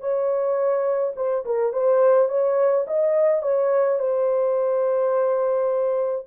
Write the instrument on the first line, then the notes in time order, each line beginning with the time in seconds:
horn
0.00 C#5
1.16 C5
1.45 A#4
1.72 C5
2.29 C#5
2.87 D#5
3.42 C#5
3.99 C5